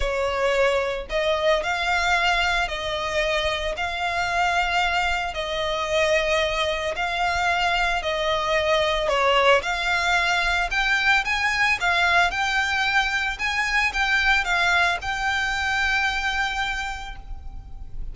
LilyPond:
\new Staff \with { instrumentName = "violin" } { \time 4/4 \tempo 4 = 112 cis''2 dis''4 f''4~ | f''4 dis''2 f''4~ | f''2 dis''2~ | dis''4 f''2 dis''4~ |
dis''4 cis''4 f''2 | g''4 gis''4 f''4 g''4~ | g''4 gis''4 g''4 f''4 | g''1 | }